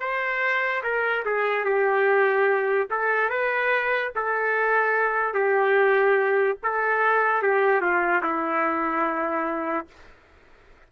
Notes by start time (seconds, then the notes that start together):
0.00 C5
0.83 A#4
1.25 G#4
1.65 G4
2.91 A4
3.30 B4
4.15 A4
5.34 G4
6.63 A4
7.42 G4
7.81 F4
8.23 E4